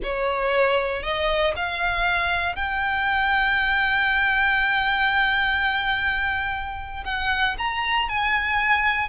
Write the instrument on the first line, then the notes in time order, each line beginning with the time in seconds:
violin
0.03 C#5
1.02 D#5
1.56 F5
2.55 G5
7.05 F#5
7.58 A#5
8.09 G#5